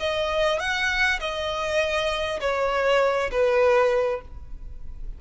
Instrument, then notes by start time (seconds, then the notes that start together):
violin
0.00 D#5
0.60 F#5
1.20 D#5
2.41 C#5
3.31 B4